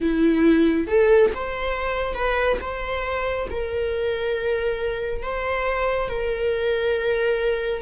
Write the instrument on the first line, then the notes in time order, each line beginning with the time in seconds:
viola
0.00 E4
0.87 A4
1.34 C5
2.13 B4
2.60 C5
3.50 A#4
5.22 C5
6.09 A#4